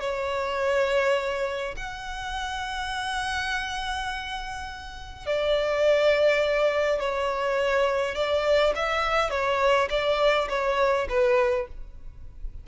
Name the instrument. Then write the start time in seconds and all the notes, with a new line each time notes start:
violin
0.00 C#5
1.76 F#5
5.26 D5
6.99 C#5
8.14 D5
8.75 E5
9.30 C#5
9.89 D5
10.49 C#5
11.09 B4